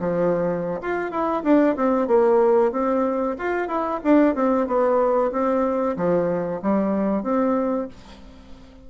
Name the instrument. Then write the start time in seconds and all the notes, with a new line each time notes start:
bassoon
0.00 F3
0.82 F4
1.11 E4
1.43 D4
1.76 C4
2.08 A#3
2.72 C4
3.38 F4
3.68 E4
4.04 D4
4.35 C4
4.67 B3
5.32 C4
5.97 F3
6.62 G3
7.23 C4